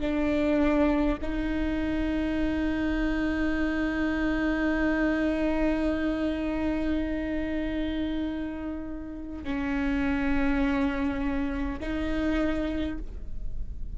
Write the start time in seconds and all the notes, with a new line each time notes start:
0.00 D4
1.21 D#4
9.44 C#4
11.80 D#4